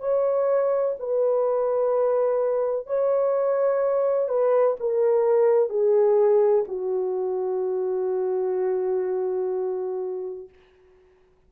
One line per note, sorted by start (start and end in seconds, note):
0.00 0.95 C#5
1.00 2.87 B4
2.87 4.29 C#5
4.29 4.77 B4
4.81 5.70 A#4
5.70 6.65 G#4
6.68 10.49 F#4